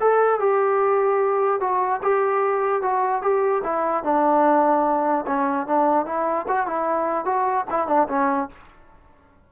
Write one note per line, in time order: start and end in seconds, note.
0.00 0.39 A4
0.39 1.60 G4
1.60 2.00 F#4
2.02 2.82 G4
2.82 3.22 F#4
3.22 3.62 G4
3.63 4.03 E4
4.03 5.25 D4
5.26 5.66 C#4
5.66 6.05 D4
6.05 6.46 E4
6.48 6.66 F#4
6.66 7.25 E4
7.25 7.65 F#4
7.70 7.87 E4
7.87 8.07 D4
8.08 8.48 C#4